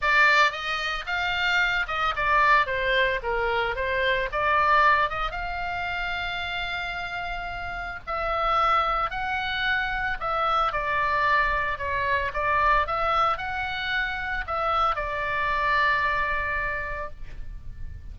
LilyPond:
\new Staff \with { instrumentName = "oboe" } { \time 4/4 \tempo 4 = 112 d''4 dis''4 f''4. dis''8 | d''4 c''4 ais'4 c''4 | d''4. dis''8 f''2~ | f''2. e''4~ |
e''4 fis''2 e''4 | d''2 cis''4 d''4 | e''4 fis''2 e''4 | d''1 | }